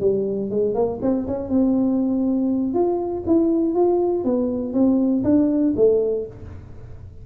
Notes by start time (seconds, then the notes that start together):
0.00 G3
0.50 G#3
0.74 A#3
1.02 C4
1.27 C#4
1.49 C4
2.73 F4
3.27 E4
3.75 F4
4.24 B3
4.73 C4
5.24 D4
5.76 A3